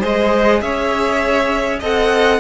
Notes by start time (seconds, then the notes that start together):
0.00 G#3 G#4 C5 D#5
0.61 C#4 C#5 E5
1.80 C4 A4 D#5 F#5